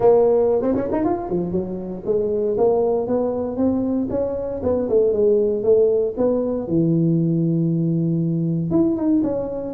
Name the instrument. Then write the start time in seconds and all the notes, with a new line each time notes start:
tuba
0.00 A#3
0.62 C4
0.75 C#4
0.92 D#4
1.04 F4
1.29 F3
1.51 F#3
2.05 G#3
2.57 A#3
3.07 B3
3.56 C4
4.10 C#4
4.63 B3
4.89 A3
5.12 G#3
5.63 A3
6.17 B3
6.67 E3
8.70 E4
8.96 D#4
9.23 C#4